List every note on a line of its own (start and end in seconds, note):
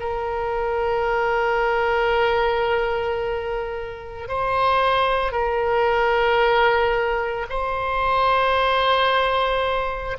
0.00 4.28 A#4
4.28 5.32 C5
5.32 7.46 A#4
7.49 10.17 C5